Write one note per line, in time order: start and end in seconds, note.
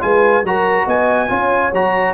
0.00 0.43 G#3
0.00 0.43 F4
0.00 0.46 B4
0.00 0.44 G#5
0.43 0.86 F#3
0.43 1.28 F#4
0.43 0.85 A#4
0.43 0.88 A#5
0.85 1.29 B3
0.85 1.28 D#5
0.85 1.73 G#5
1.28 1.72 C#4
1.28 1.71 F4
1.28 2.14 C#5
1.73 2.14 F#3
1.73 2.14 F#4
1.73 2.14 A#5